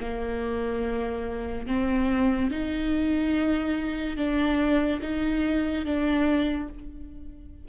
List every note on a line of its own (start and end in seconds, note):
0.00 1.67 A#3
1.67 2.50 C4
2.50 4.17 D#4
4.17 5.00 D4
5.02 5.85 D#4
5.85 6.69 D4